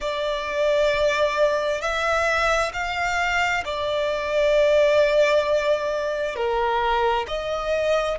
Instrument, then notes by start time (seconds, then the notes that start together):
violin
0.00 D5
1.81 E5
2.73 F5
3.64 D5
6.35 A#4
7.27 D#5